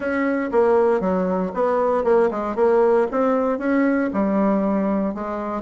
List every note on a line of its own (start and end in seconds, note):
0.00 0.50 C#4
0.51 1.00 A#3
1.00 1.51 F#3
1.53 2.03 B3
2.03 2.29 A#3
2.31 2.55 G#3
2.55 3.07 A#3
3.11 3.58 C4
3.58 4.09 C#4
4.13 5.14 G3
5.14 5.62 G#3